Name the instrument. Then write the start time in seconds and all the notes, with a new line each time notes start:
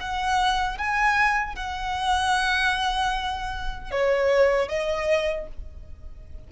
violin
0.00 F#5
0.78 G#5
1.56 F#5
3.91 C#5
4.69 D#5